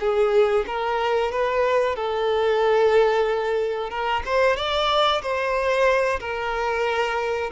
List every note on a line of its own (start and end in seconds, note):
0.00 0.65 G#4
0.67 1.32 A#4
1.32 1.95 B4
1.95 3.90 A4
3.90 4.22 A#4
4.26 4.56 C5
4.56 5.21 D5
5.22 6.20 C5
6.20 7.50 A#4